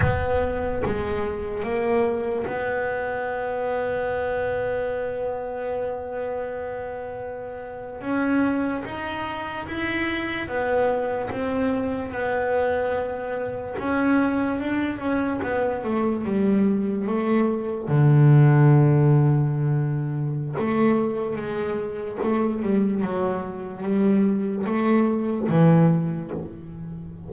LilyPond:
\new Staff \with { instrumentName = "double bass" } { \time 4/4 \tempo 4 = 73 b4 gis4 ais4 b4~ | b1~ | b4.~ b16 cis'4 dis'4 e'16~ | e'8. b4 c'4 b4~ b16~ |
b8. cis'4 d'8 cis'8 b8 a8 g16~ | g8. a4 d2~ d16~ | d4 a4 gis4 a8 g8 | fis4 g4 a4 e4 | }